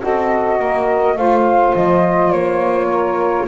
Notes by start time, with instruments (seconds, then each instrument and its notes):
0.00 double bass C4, saxophone F#4 A4, flute D#5
0.58 double bass A#3, saxophone A#4
1.17 double bass A3, saxophone F4 C5, flute F5
1.75 double bass F3, flute D#5
2.32 double bass A#3, flute C#5
2.87 saxophone A#4